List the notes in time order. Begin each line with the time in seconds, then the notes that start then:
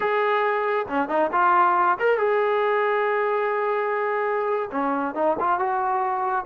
0.00 G#4
0.88 C#4
1.08 D#4
1.32 F4
1.99 A#4
2.18 G#4
4.71 C#4
5.14 D#4
5.39 F4
5.59 F#4